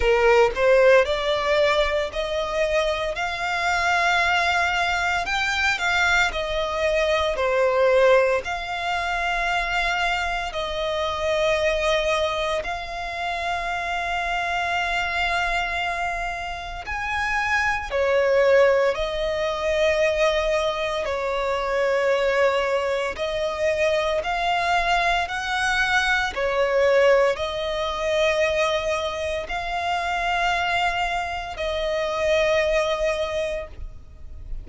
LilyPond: \new Staff \with { instrumentName = "violin" } { \time 4/4 \tempo 4 = 57 ais'8 c''8 d''4 dis''4 f''4~ | f''4 g''8 f''8 dis''4 c''4 | f''2 dis''2 | f''1 |
gis''4 cis''4 dis''2 | cis''2 dis''4 f''4 | fis''4 cis''4 dis''2 | f''2 dis''2 | }